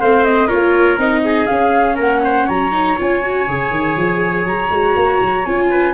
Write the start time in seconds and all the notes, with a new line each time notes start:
0.00 A3 C4 C5 F5
0.24 D#5
0.47 A#3 F4 A#4 C#5
0.98 C4 D#4 D#5
1.24 G#4
1.46 C#4 F5
1.95 A#3 A#4 F#5
2.24 C5
2.46 F#3 C#5 A#5
2.71 D#4
2.97 C#4 F4 G#5
3.22 F#4
3.48 C#3 G#4
3.70 D#3
3.96 F3
4.45 F#3 A#5
4.70 G#3 F#4
4.95 A#3
5.21 F#3
5.45 C#4 F4 G#5
5.70 B4